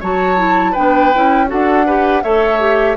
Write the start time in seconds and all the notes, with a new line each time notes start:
0.00 F#3 F#4 C#5 A5
0.37 E4
0.71 D4 B4 G5
0.78 B3
1.14 C#4 E4
1.47 D4 F#4 A4 F#5
1.86 G4 B4
2.23 A3 A4 C#5 E5
2.60 G4